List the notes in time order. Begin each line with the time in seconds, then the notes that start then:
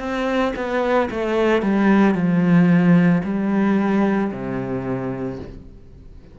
0.00 C4
0.56 B3
1.11 A3
1.62 G3
2.15 F3
3.24 G3
4.32 C3